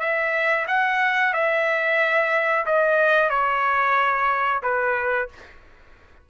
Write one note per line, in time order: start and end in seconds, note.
0.00 0.66 E5
0.68 1.33 F#5
1.33 2.65 E5
2.66 3.30 D#5
3.30 4.62 C#5
4.63 5.29 B4